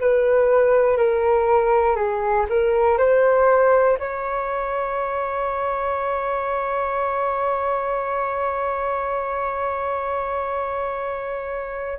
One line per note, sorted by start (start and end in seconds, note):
0.00 0.97 B4
0.97 1.95 A#4
1.95 2.45 G#4
2.49 2.98 A#4
2.98 3.98 C5
3.99 11.99 C#5